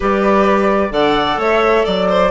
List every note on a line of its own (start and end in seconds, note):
0.00 0.91 G3
0.00 0.90 G4
0.00 0.92 B4
0.00 0.92 D5
0.90 1.37 D3
0.90 2.28 A4
0.90 1.39 D5
0.90 1.39 F#5
1.37 1.83 A3
1.37 1.85 C#5
1.37 1.86 E5
1.85 2.30 F#3
1.85 2.08 D5
1.85 2.30 D5
2.09 2.30 C5